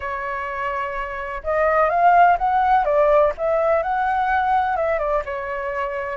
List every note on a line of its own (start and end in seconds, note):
0.00 1.42 C#5
1.43 1.89 D#5
1.89 2.37 F5
2.38 2.84 F#5
2.84 3.32 D5
3.37 3.82 E5
3.82 4.76 F#5
4.76 4.98 E5
4.98 5.22 D5
5.25 6.17 C#5